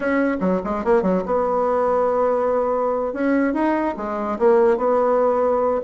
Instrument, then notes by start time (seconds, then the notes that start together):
bassoon
0.00 C#4
0.40 F#3
0.64 G#3
0.84 A#3
1.02 F#3
1.25 B3
3.13 C#4
3.53 D#4
3.97 G#3
4.38 A#3
4.77 B3